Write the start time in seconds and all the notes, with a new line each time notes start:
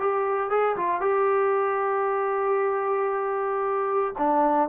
0.00 G4
0.51 G#4
0.77 F4
1.02 G4
4.18 D4